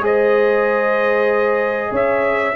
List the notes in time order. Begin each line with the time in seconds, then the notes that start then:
0.00 G#3 G#4 C5 D#5
1.91 C#4 C#5 E5